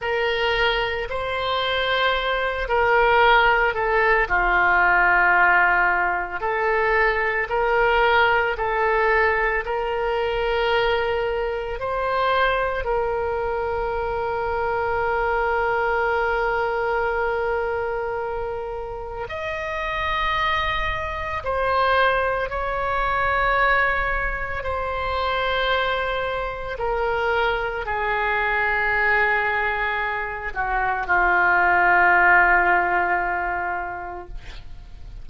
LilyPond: \new Staff \with { instrumentName = "oboe" } { \time 4/4 \tempo 4 = 56 ais'4 c''4. ais'4 a'8 | f'2 a'4 ais'4 | a'4 ais'2 c''4 | ais'1~ |
ais'2 dis''2 | c''4 cis''2 c''4~ | c''4 ais'4 gis'2~ | gis'8 fis'8 f'2. | }